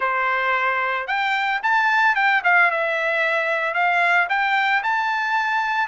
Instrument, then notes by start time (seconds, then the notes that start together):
trumpet
0.00 C5
1.07 G5
1.62 A5
2.15 G5
2.44 F5
2.71 E5
3.74 F5
4.29 G5
4.83 A5